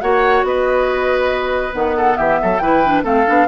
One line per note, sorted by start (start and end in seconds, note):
0.00 0.43 A#3
0.00 1.72 F#4
0.00 0.46 C#5
0.00 0.43 F#5
0.43 1.72 B3
0.43 1.97 B4
0.43 1.74 D#5
1.72 2.18 D#3
1.72 2.59 B3
1.72 2.16 F#5
1.97 2.18 A4
2.16 2.40 E3
2.16 2.39 G4
2.16 2.59 E5
2.42 2.60 F#3
2.42 2.62 A4
2.59 3.03 E3
2.59 2.83 E4
2.59 3.03 B4
2.59 3.02 G5
2.84 3.04 D4
3.03 3.25 A3
3.03 3.25 C4
3.03 3.46 A4
3.03 3.48 F5
3.26 3.48 B3
3.26 3.47 D4